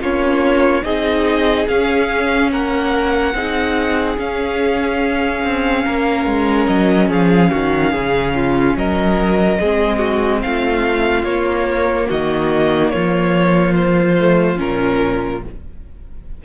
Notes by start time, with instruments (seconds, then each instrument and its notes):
0.00 cello A#3, viola C#4, violin F4 C#5
0.84 cello C4, viola D#4, violin G#4 D#5
1.68 viola C#4, cello C#4, violin F5
2.52 cello A#3, violin A#4 F#5
3.35 cello C4, viola D#4, violin G#4
4.18 viola C#4, cello C#4, violin F5
5.44 cello C4
5.85 cello A#3, violin A#4
6.26 cello G#3
6.67 cello F#3, violin D#5
7.10 cello F3, violin G#4 F5
7.51 cello D#3, violin F#4
7.93 cello C#3, violin G#4
8.36 violin F4
8.76 cello F#3, violin A#4 D#5
9.61 cello G#3, viola C4, violin G#4
9.99 violin F#4
10.42 cello A3, violin F4 F5
11.24 cello A#3, viola A#3, violin C#5
12.09 cello D#3, violin F#4 D#5
12.90 cello F3, violin F4 C#5
13.76 violin C5
14.20 viola A3
14.57 cello A#2, viola C#4, violin A#4